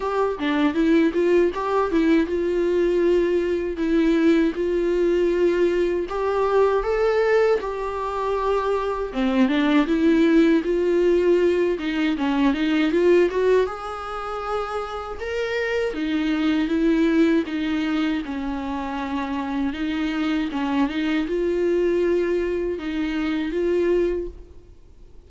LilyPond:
\new Staff \with { instrumentName = "viola" } { \time 4/4 \tempo 4 = 79 g'8 d'8 e'8 f'8 g'8 e'8 f'4~ | f'4 e'4 f'2 | g'4 a'4 g'2 | c'8 d'8 e'4 f'4. dis'8 |
cis'8 dis'8 f'8 fis'8 gis'2 | ais'4 dis'4 e'4 dis'4 | cis'2 dis'4 cis'8 dis'8 | f'2 dis'4 f'4 | }